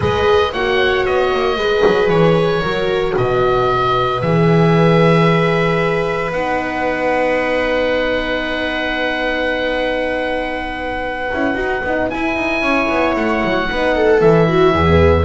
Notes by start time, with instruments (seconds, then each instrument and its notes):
0.00 double bass G#3, horn G#4, viola B4, oboe D#5
0.52 double bass A#3, horn F#4, viola C#5, oboe F#5
1.05 double bass B3, oboe D#5
1.33 double bass A#3
1.56 double bass G#3, horn G#4, viola B4
1.86 double bass F#3
2.09 double bass E3, oboe C#5
2.61 double bass F#3, horn F#4, viola A#4
3.15 double bass B2, viola B4, oboe D#5
4.21 double bass E3, horn G#4, oboe E5
6.31 double bass B3, horn D#4, oboe F#5
11.33 double bass C#4, horn E4
11.54 double bass D#4, horn F#4
11.83 double bass B3, horn D#4
12.10 horn E4, double bass E4, oboe G#5
12.35 double bass D#4
12.61 double bass C#4, viola C#5
12.88 double bass B3
13.16 double bass A3, oboe F#5
13.43 double bass F#3
13.68 double bass B3, horn D#4, viola B4
13.95 viola A4
14.18 double bass E3, horn E4, oboe E5
14.47 viola F#4
14.72 double bass E2, viola G#4
14.87 horn B3